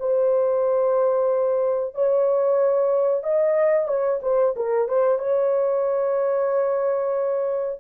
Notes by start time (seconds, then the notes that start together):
0.00 C5
1.95 C#5
3.24 D#5
3.88 C#5
4.22 C5
4.56 A#4
4.89 C5
5.19 C#5